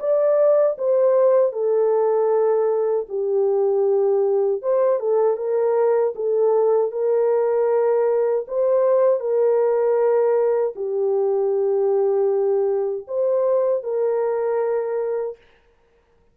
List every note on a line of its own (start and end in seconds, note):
0.00 0.77 D5
0.78 1.52 C5
1.52 3.06 A4
3.09 4.62 G4
4.62 5.00 C5
5.00 5.37 A4
5.37 6.14 A#4
6.15 6.92 A4
6.92 8.46 A#4
8.48 9.20 C5
9.20 10.74 A#4
10.76 13.06 G4
13.08 13.84 C5
13.84 15.37 A#4